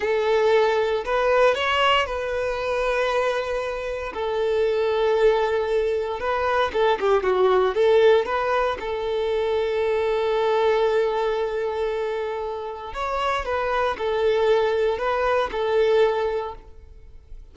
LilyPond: \new Staff \with { instrumentName = "violin" } { \time 4/4 \tempo 4 = 116 a'2 b'4 cis''4 | b'1 | a'1 | b'4 a'8 g'8 fis'4 a'4 |
b'4 a'2.~ | a'1~ | a'4 cis''4 b'4 a'4~ | a'4 b'4 a'2 | }